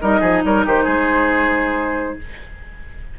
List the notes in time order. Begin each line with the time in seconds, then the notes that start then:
0.00 G3 D#4 A#4 D#5
0.21 F3 G#4
0.44 G3 A#4 C#5
0.66 D#3 G4 C5
0.85 G#3 G#4